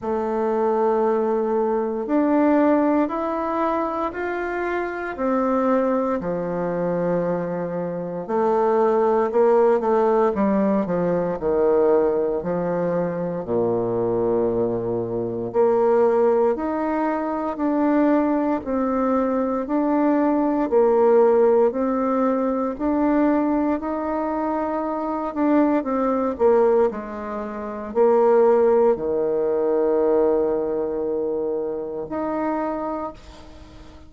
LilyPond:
\new Staff \with { instrumentName = "bassoon" } { \time 4/4 \tempo 4 = 58 a2 d'4 e'4 | f'4 c'4 f2 | a4 ais8 a8 g8 f8 dis4 | f4 ais,2 ais4 |
dis'4 d'4 c'4 d'4 | ais4 c'4 d'4 dis'4~ | dis'8 d'8 c'8 ais8 gis4 ais4 | dis2. dis'4 | }